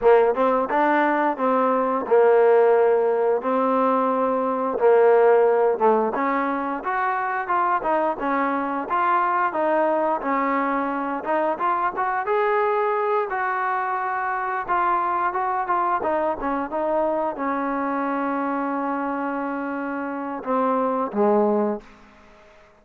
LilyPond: \new Staff \with { instrumentName = "trombone" } { \time 4/4 \tempo 4 = 88 ais8 c'8 d'4 c'4 ais4~ | ais4 c'2 ais4~ | ais8 a8 cis'4 fis'4 f'8 dis'8 | cis'4 f'4 dis'4 cis'4~ |
cis'8 dis'8 f'8 fis'8 gis'4. fis'8~ | fis'4. f'4 fis'8 f'8 dis'8 | cis'8 dis'4 cis'2~ cis'8~ | cis'2 c'4 gis4 | }